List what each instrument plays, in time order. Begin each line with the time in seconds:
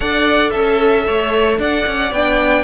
0.00 cello D4, viola A4, violin D5 F#5
0.49 cello C#4, violin A4 E5
1.06 cello A3, violin C#5
1.58 cello D4, violin D5 F#5
1.86 cello C#4
2.11 cello B3, viola D4, violin G5